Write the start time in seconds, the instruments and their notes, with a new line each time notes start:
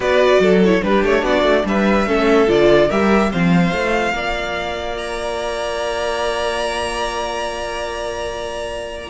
0.00 cello B3, viola F#4, violin B4 D5
0.39 cello F#3, violin A4
0.64 viola E4, violin C#5
0.81 cello G3, viola D4, violin G4 B4
1.03 cello A3, violin C#5
1.23 cello B3, violin F#4 D5
1.43 cello A3
1.65 cello G3, violin B4 E5
2.06 cello A3, viola C#4, violin A4
2.47 cello D3, viola F4, violin D5
2.88 cello G3, viola G4, violin A#4 E5
3.31 cello F3, viola C4, violin C5 F5
3.72 cello A3, viola F4
4.12 cello A#3, violin D5
4.97 violin A#5